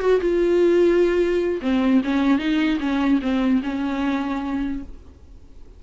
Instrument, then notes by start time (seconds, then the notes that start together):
viola
0.00 F#4
0.20 F4
1.61 C4
2.04 C#4
2.38 D#4
2.80 C#4
3.21 C4
3.63 C#4